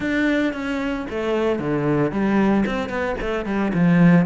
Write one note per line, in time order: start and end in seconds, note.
0.00 0.53 D4
0.53 1.06 C#4
1.09 1.59 A3
1.59 2.11 D3
2.11 2.64 G3
2.66 2.89 C4
2.89 3.15 B3
3.21 3.45 A3
3.45 3.72 G3
3.74 4.25 F3